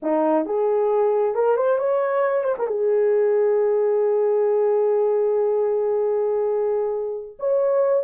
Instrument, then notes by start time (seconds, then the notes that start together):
horn
0.02 D#4
0.45 G#4
1.34 A#4
1.56 C5
1.78 C#5
2.44 C5
2.58 A#4
2.67 G#4
7.39 C#5